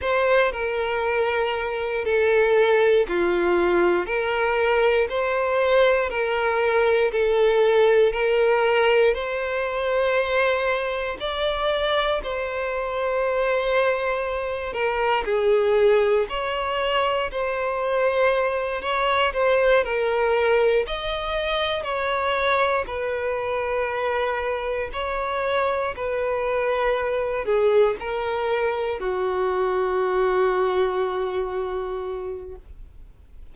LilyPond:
\new Staff \with { instrumentName = "violin" } { \time 4/4 \tempo 4 = 59 c''8 ais'4. a'4 f'4 | ais'4 c''4 ais'4 a'4 | ais'4 c''2 d''4 | c''2~ c''8 ais'8 gis'4 |
cis''4 c''4. cis''8 c''8 ais'8~ | ais'8 dis''4 cis''4 b'4.~ | b'8 cis''4 b'4. gis'8 ais'8~ | ais'8 fis'2.~ fis'8 | }